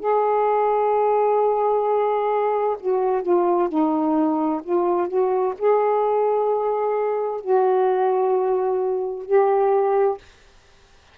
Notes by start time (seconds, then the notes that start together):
0.00 G#4
2.80 F#4
3.23 F4
3.69 D#4
4.64 F4
5.09 F#4
5.59 G#4
7.41 F#4
9.26 G4